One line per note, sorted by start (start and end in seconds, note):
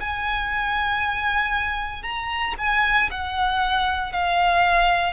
0.00 2.02 G#5
2.02 2.54 A#5
2.58 3.09 G#5
3.10 4.12 F#5
4.12 5.13 F5